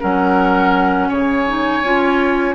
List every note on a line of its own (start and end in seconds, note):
0.00 1.11 F#3
0.00 1.46 C#4
0.00 1.09 A#4
0.00 1.12 F#5
1.09 1.83 C#3
1.09 2.56 C#5
1.09 2.56 G#5
1.47 1.84 D#4
1.83 2.56 C#4
1.83 2.56 F4